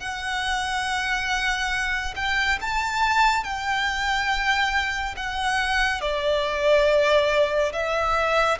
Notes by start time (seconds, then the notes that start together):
0.00 F#5
2.16 G5
2.61 A5
3.44 G5
5.16 F#5
6.01 D5
7.73 E5